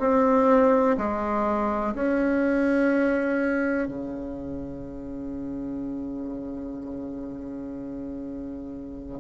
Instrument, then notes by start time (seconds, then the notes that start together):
bassoon
0.00 C4
0.98 G#3
1.94 C#4
3.88 C#3